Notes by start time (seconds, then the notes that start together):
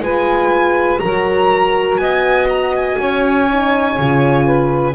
0.00 G#3 F4 B4 G#5
1.00 F#3 F#4 A#4 A#5
1.98 B3 D#5 G#5
2.49 A#5
2.76 G#5
2.98 C#4 C#5
3.50 D#4
3.98 C#3 F4
4.46 B4